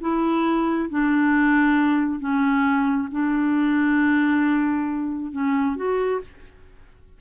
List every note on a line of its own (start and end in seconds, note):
0.00 0.89 E4
0.89 2.19 D4
2.19 3.08 C#4
3.11 5.32 D4
5.32 5.75 C#4
5.75 6.20 F#4